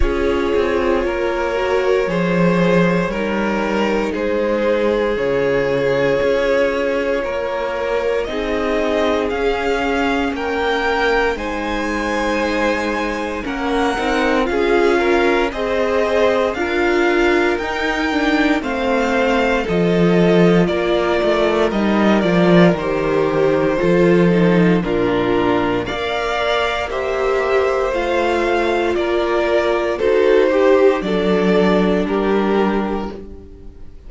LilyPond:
<<
  \new Staff \with { instrumentName = "violin" } { \time 4/4 \tempo 4 = 58 cis''1 | c''4 cis''2. | dis''4 f''4 g''4 gis''4~ | gis''4 fis''4 f''4 dis''4 |
f''4 g''4 f''4 dis''4 | d''4 dis''8 d''8 c''2 | ais'4 f''4 e''4 f''4 | d''4 c''4 d''4 ais'4 | }
  \new Staff \with { instrumentName = "violin" } { \time 4/4 gis'4 ais'4 c''4 ais'4 | gis'2. ais'4 | gis'2 ais'4 c''4~ | c''4 ais'4 gis'8 ais'8 c''4 |
ais'2 c''4 a'4 | ais'2. a'4 | f'4 d''4 c''2 | ais'4 a'8 g'8 a'4 g'4 | }
  \new Staff \with { instrumentName = "viola" } { \time 4/4 f'4. fis'8 gis'4 dis'4~ | dis'4 f'2. | dis'4 cis'2 dis'4~ | dis'4 cis'8 dis'8 f'4 gis'4 |
f'4 dis'8 d'8 c'4 f'4~ | f'4 dis'8 f'8 g'4 f'8 dis'8 | d'4 ais'4 g'4 f'4~ | f'4 fis'8 g'8 d'2 | }
  \new Staff \with { instrumentName = "cello" } { \time 4/4 cis'8 c'8 ais4 f4 g4 | gis4 cis4 cis'4 ais4 | c'4 cis'4 ais4 gis4~ | gis4 ais8 c'8 cis'4 c'4 |
d'4 dis'4 a4 f4 | ais8 a8 g8 f8 dis4 f4 | ais,4 ais2 a4 | ais4 dis'4 fis4 g4 | }
>>